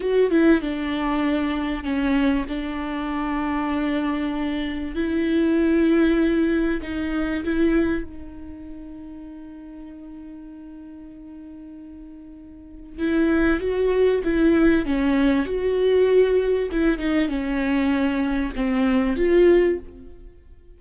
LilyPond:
\new Staff \with { instrumentName = "viola" } { \time 4/4 \tempo 4 = 97 fis'8 e'8 d'2 cis'4 | d'1 | e'2. dis'4 | e'4 dis'2.~ |
dis'1~ | dis'4 e'4 fis'4 e'4 | cis'4 fis'2 e'8 dis'8 | cis'2 c'4 f'4 | }